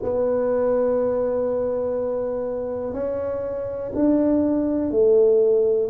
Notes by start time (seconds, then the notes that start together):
0.02 B3
2.92 C#4
3.94 D4
4.90 A3